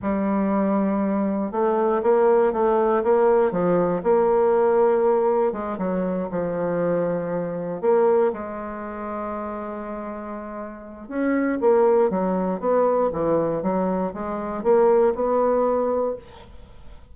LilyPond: \new Staff \with { instrumentName = "bassoon" } { \time 4/4 \tempo 4 = 119 g2. a4 | ais4 a4 ais4 f4 | ais2. gis8 fis8~ | fis8 f2. ais8~ |
ais8 gis2.~ gis8~ | gis2 cis'4 ais4 | fis4 b4 e4 fis4 | gis4 ais4 b2 | }